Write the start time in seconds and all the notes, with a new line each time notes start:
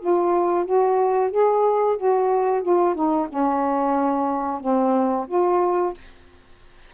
0.00 F4
0.65 F#4
1.31 G#4
1.97 F#4
2.63 F4
2.95 D#4
3.28 C#4
4.60 C4
5.27 F4